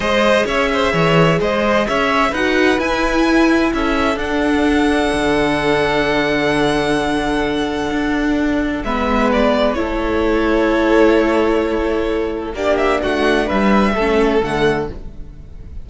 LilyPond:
<<
  \new Staff \with { instrumentName = "violin" } { \time 4/4 \tempo 4 = 129 dis''4 e''2 dis''4 | e''4 fis''4 gis''2 | e''4 fis''2.~ | fis''1~ |
fis''2. e''4 | d''4 cis''2.~ | cis''2. d''8 e''8 | fis''4 e''2 fis''4 | }
  \new Staff \with { instrumentName = "violin" } { \time 4/4 c''4 cis''8 c''8 cis''4 c''4 | cis''4 b'2. | a'1~ | a'1~ |
a'2. b'4~ | b'4 a'2.~ | a'2. g'4 | fis'4 b'4 a'2 | }
  \new Staff \with { instrumentName = "viola" } { \time 4/4 gis'1~ | gis'4 fis'4 e'2~ | e'4 d'2.~ | d'1~ |
d'2. b4~ | b4 e'2.~ | e'2. d'4~ | d'2 cis'4 a4 | }
  \new Staff \with { instrumentName = "cello" } { \time 4/4 gis4 cis'4 e4 gis4 | cis'4 dis'4 e'2 | cis'4 d'2 d4~ | d1~ |
d4 d'2 gis4~ | gis4 a2.~ | a2. ais4 | a4 g4 a4 d4 | }
>>